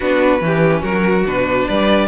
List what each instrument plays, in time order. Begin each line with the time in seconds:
0.00 cello B3, viola D4, violin F#4 B4
0.39 cello E3, viola C#4, violin G4
0.81 cello F#3, violin F#4 A#4
1.25 cello B2, viola D4, violin B4
1.67 cello G3, violin B4 D5